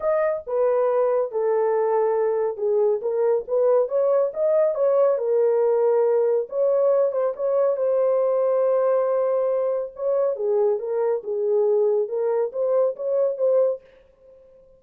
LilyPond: \new Staff \with { instrumentName = "horn" } { \time 4/4 \tempo 4 = 139 dis''4 b'2 a'4~ | a'2 gis'4 ais'4 | b'4 cis''4 dis''4 cis''4 | ais'2. cis''4~ |
cis''8 c''8 cis''4 c''2~ | c''2. cis''4 | gis'4 ais'4 gis'2 | ais'4 c''4 cis''4 c''4 | }